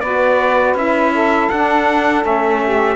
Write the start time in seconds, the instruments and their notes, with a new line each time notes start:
0.00 cello B3, saxophone F#4 B4, trumpet D5
0.74 cello C#4, saxophone E4, trumpet E5
1.14 saxophone A4
1.50 cello D4, saxophone D4, trumpet F#5
2.21 cello A3, saxophone C#4, trumpet E5
2.62 saxophone G4